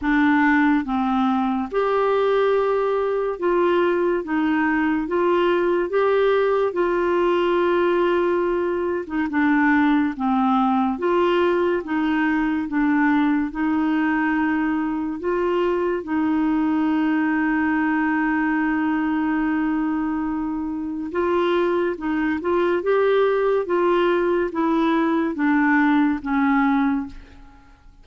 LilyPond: \new Staff \with { instrumentName = "clarinet" } { \time 4/4 \tempo 4 = 71 d'4 c'4 g'2 | f'4 dis'4 f'4 g'4 | f'2~ f'8. dis'16 d'4 | c'4 f'4 dis'4 d'4 |
dis'2 f'4 dis'4~ | dis'1~ | dis'4 f'4 dis'8 f'8 g'4 | f'4 e'4 d'4 cis'4 | }